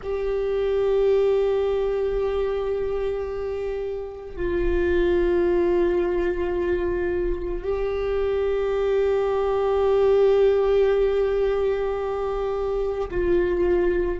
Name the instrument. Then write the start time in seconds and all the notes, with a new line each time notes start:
viola
0.02 G4
4.36 F4
7.63 G4
13.11 F4